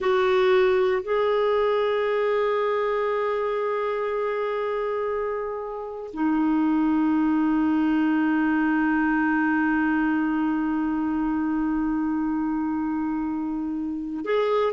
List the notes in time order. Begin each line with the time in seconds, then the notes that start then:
0.00 F#4
1.02 G#4
6.12 D#4
14.24 G#4